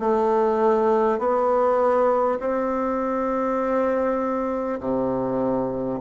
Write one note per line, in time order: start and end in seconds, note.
0.00 1.19 A3
1.19 2.39 B3
2.39 4.79 C4
4.80 6.00 C3